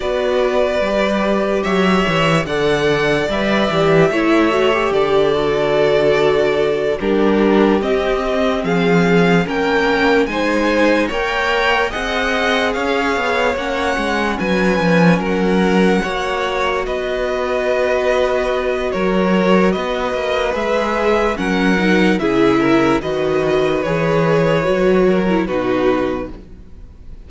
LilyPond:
<<
  \new Staff \with { instrumentName = "violin" } { \time 4/4 \tempo 4 = 73 d''2 e''4 fis''4 | e''2 d''2~ | d''8 ais'4 dis''4 f''4 g''8~ | g''8 gis''4 g''4 fis''4 f''8~ |
f''8 fis''4 gis''4 fis''4.~ | fis''8 dis''2~ dis''8 cis''4 | dis''4 e''4 fis''4 e''4 | dis''4 cis''2 b'4 | }
  \new Staff \with { instrumentName = "violin" } { \time 4/4 b'2 cis''4 d''4~ | d''4 cis''4 a'2~ | a'8 g'2 gis'4 ais'8~ | ais'8 c''4 cis''4 dis''4 cis''8~ |
cis''4. b'4 ais'4 cis''8~ | cis''8 b'2~ b'8 ais'4 | b'2 ais'4 gis'8 ais'8 | b'2~ b'8 ais'8 fis'4 | }
  \new Staff \with { instrumentName = "viola" } { \time 4/4 fis'4 g'2 a'4 | b'8 g'8 e'8 fis'16 g'8. fis'4.~ | fis'8 d'4 c'2 cis'8~ | cis'8 dis'4 ais'4 gis'4.~ |
gis'8 cis'2. fis'8~ | fis'1~ | fis'4 gis'4 cis'8 dis'8 e'4 | fis'4 gis'4 fis'8. e'16 dis'4 | }
  \new Staff \with { instrumentName = "cello" } { \time 4/4 b4 g4 fis8 e8 d4 | g8 e8 a4 d2~ | d8 g4 c'4 f4 ais8~ | ais8 gis4 ais4 c'4 cis'8 |
b8 ais8 gis8 fis8 f8 fis4 ais8~ | ais8 b2~ b8 fis4 | b8 ais8 gis4 fis4 cis4 | dis4 e4 fis4 b,4 | }
>>